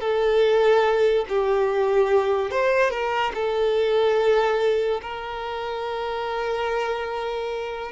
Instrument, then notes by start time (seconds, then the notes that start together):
violin
0.00 A4
1.28 G4
2.50 C5
2.90 A#4
3.34 A4
5.02 A#4